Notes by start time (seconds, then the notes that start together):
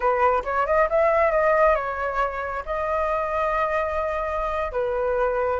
0.00 B4
0.44 C#5
0.66 D#5
0.89 E5
1.31 D#5
1.75 C#5
2.65 D#5
4.71 B4